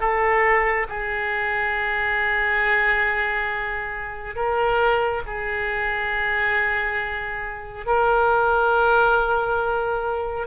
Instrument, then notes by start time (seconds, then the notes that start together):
oboe
0.00 A4
0.89 G#4
4.36 A#4
5.27 G#4
7.86 A#4